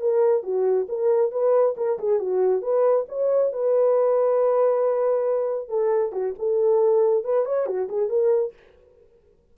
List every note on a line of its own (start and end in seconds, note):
0.00 0.43 A#4
0.43 0.87 F#4
0.88 1.31 A#4
1.31 1.75 B4
1.77 1.98 A#4
1.99 2.19 G#4
2.19 2.61 F#4
2.61 3.05 B4
3.09 3.52 C#5
3.52 5.68 B4
5.68 6.12 A4
6.12 6.34 F#4
6.39 7.24 A4
7.24 7.45 B4
7.45 7.66 C#5
7.66 7.88 F#4
7.89 8.09 G#4
8.09 8.53 A#4